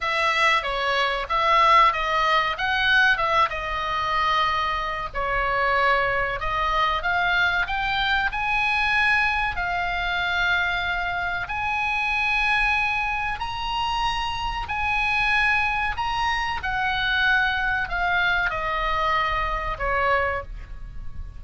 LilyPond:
\new Staff \with { instrumentName = "oboe" } { \time 4/4 \tempo 4 = 94 e''4 cis''4 e''4 dis''4 | fis''4 e''8 dis''2~ dis''8 | cis''2 dis''4 f''4 | g''4 gis''2 f''4~ |
f''2 gis''2~ | gis''4 ais''2 gis''4~ | gis''4 ais''4 fis''2 | f''4 dis''2 cis''4 | }